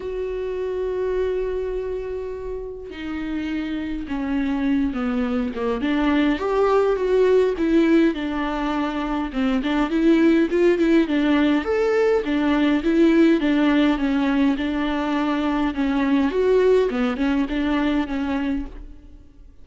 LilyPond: \new Staff \with { instrumentName = "viola" } { \time 4/4 \tempo 4 = 103 fis'1~ | fis'4 dis'2 cis'4~ | cis'8 b4 ais8 d'4 g'4 | fis'4 e'4 d'2 |
c'8 d'8 e'4 f'8 e'8 d'4 | a'4 d'4 e'4 d'4 | cis'4 d'2 cis'4 | fis'4 b8 cis'8 d'4 cis'4 | }